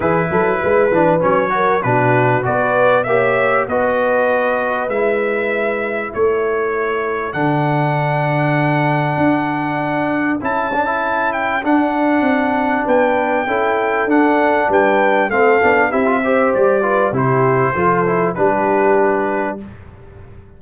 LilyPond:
<<
  \new Staff \with { instrumentName = "trumpet" } { \time 4/4 \tempo 4 = 98 b'2 cis''4 b'4 | d''4 e''4 dis''2 | e''2 cis''2 | fis''1~ |
fis''4 a''4. g''8 fis''4~ | fis''4 g''2 fis''4 | g''4 f''4 e''4 d''4 | c''2 b'2 | }
  \new Staff \with { instrumentName = "horn" } { \time 4/4 gis'8 a'8 b'4. ais'8 fis'4 | b'4 cis''4 b'2~ | b'2 a'2~ | a'1~ |
a'1~ | a'4 b'4 a'2 | b'4 a'4 g'8 c''4 b'8 | g'4 a'4 g'2 | }
  \new Staff \with { instrumentName = "trombone" } { \time 4/4 e'4. d'8 cis'8 fis'8 d'4 | fis'4 g'4 fis'2 | e'1 | d'1~ |
d'4 e'8 d'16 e'4~ e'16 d'4~ | d'2 e'4 d'4~ | d'4 c'8 d'8 e'16 f'16 g'4 f'8 | e'4 f'8 e'8 d'2 | }
  \new Staff \with { instrumentName = "tuba" } { \time 4/4 e8 fis8 gis8 e8 fis4 b,4 | b4 ais4 b2 | gis2 a2 | d2. d'4~ |
d'4 cis'2 d'4 | c'4 b4 cis'4 d'4 | g4 a8 b8 c'4 g4 | c4 f4 g2 | }
>>